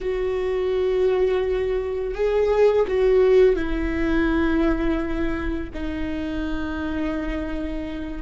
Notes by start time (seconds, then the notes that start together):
0.01 F#4
2.14 G#4
2.87 F#4
3.55 E4
5.73 D#4